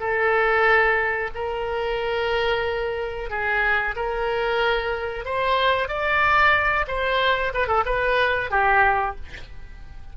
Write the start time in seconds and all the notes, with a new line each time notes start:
0.00 A4
1.34 A#4
3.30 G#4
3.96 A#4
5.25 C5
5.88 D5
6.87 C5
7.54 B4
7.67 A4
7.85 B4
8.51 G4